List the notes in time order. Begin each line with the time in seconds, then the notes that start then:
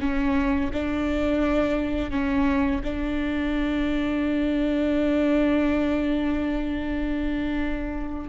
0.00 C#4
0.73 D4
2.10 C#4
2.83 D4